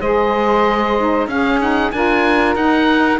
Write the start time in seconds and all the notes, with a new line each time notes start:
0.00 G#3 G#4 C5 D#5
0.98 D#4
1.27 C#4 G#4 F5
1.61 D#4 F#5
1.91 D4 F4 A#4 G#5
2.55 D#4 F#5